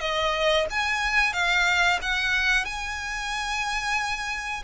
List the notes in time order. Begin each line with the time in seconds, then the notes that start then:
0.00 D#5
0.70 G#5
1.33 F5
2.02 F#5
2.65 G#5